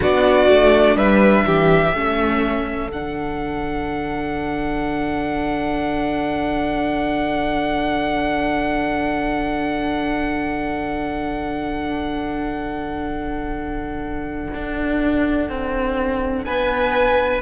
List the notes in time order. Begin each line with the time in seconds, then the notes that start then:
0.00 B3 D4 F#4 D5
0.48 A3
0.95 G3 B4 E5
1.44 E3 G4
1.92 A3 C#4 A4
2.87 D3 D4 F#5
14.54 D4
15.49 C4
16.44 B3 B4 G#5